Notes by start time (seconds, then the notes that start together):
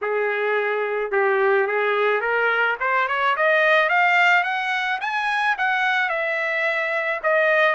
0.01 G#4
1.11 G4
1.67 G#4
2.20 A#4
2.80 C5
3.08 C#5
3.36 D#5
3.89 F5
4.43 F#5
5.01 G#5
5.57 F#5
6.09 E5
7.23 D#5